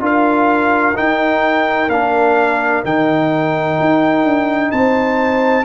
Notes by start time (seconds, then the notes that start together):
0.00 D4 F4 A#4 F5
0.95 D#4 G5
1.89 A#3 D4 F5
2.84 D#3 D#4 G5
3.80 D#4
4.24 D4
4.71 C4 C5 A5